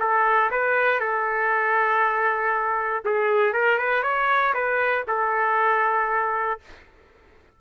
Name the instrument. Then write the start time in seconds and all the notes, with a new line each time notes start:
trumpet
0.00 A4
0.51 B4
1.01 A4
3.05 G#4
3.53 A#4
3.79 B4
4.03 C#5
4.54 B4
5.08 A4